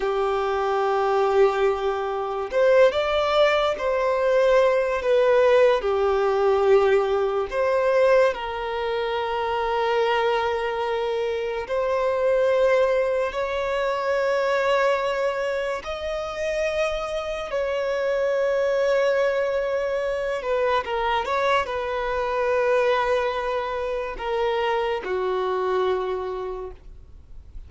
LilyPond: \new Staff \with { instrumentName = "violin" } { \time 4/4 \tempo 4 = 72 g'2. c''8 d''8~ | d''8 c''4. b'4 g'4~ | g'4 c''4 ais'2~ | ais'2 c''2 |
cis''2. dis''4~ | dis''4 cis''2.~ | cis''8 b'8 ais'8 cis''8 b'2~ | b'4 ais'4 fis'2 | }